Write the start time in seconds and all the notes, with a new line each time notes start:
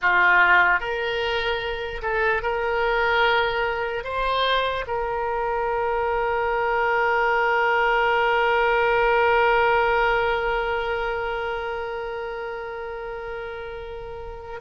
0.01 F4
0.80 A#4
2.02 A4
2.42 A#4
4.04 C5
4.86 A#4